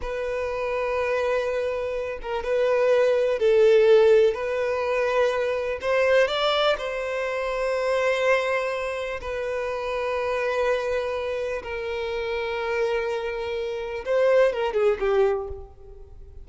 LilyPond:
\new Staff \with { instrumentName = "violin" } { \time 4/4 \tempo 4 = 124 b'1~ | b'8 ais'8 b'2 a'4~ | a'4 b'2. | c''4 d''4 c''2~ |
c''2. b'4~ | b'1 | ais'1~ | ais'4 c''4 ais'8 gis'8 g'4 | }